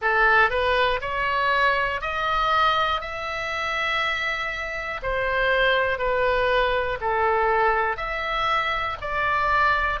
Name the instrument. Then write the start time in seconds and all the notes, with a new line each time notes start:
oboe
0.01 A4
0.50 B4
1.01 C#5
2.01 D#5
3.00 E5
5.02 C5
5.98 B4
7.00 A4
7.96 E5
9.00 D5